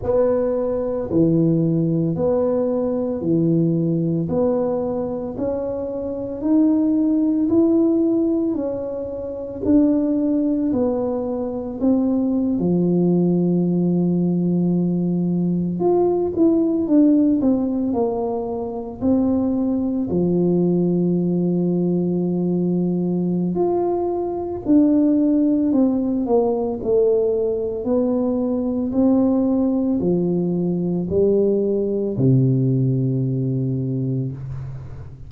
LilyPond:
\new Staff \with { instrumentName = "tuba" } { \time 4/4 \tempo 4 = 56 b4 e4 b4 e4 | b4 cis'4 dis'4 e'4 | cis'4 d'4 b4 c'8. f16~ | f2~ f8. f'8 e'8 d'16~ |
d'16 c'8 ais4 c'4 f4~ f16~ | f2 f'4 d'4 | c'8 ais8 a4 b4 c'4 | f4 g4 c2 | }